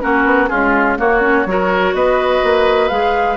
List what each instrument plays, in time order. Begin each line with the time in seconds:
0.00 bassoon A#3, clarinet C#4, oboe F#4, flute A#4
0.24 bassoon B3
0.48 clarinet G#3, bassoon C#4, oboe F4, flute G#4
0.97 clarinet A#3, bassoon A#3, oboe F#4, flute C#5
1.21 clarinet C#4
1.45 bassoon F#3, clarinet F#4, oboe A#4
1.93 bassoon B3, oboe B4, flute D#5
2.43 bassoon A#3
2.88 bassoon G#3, clarinet G#4, flute F5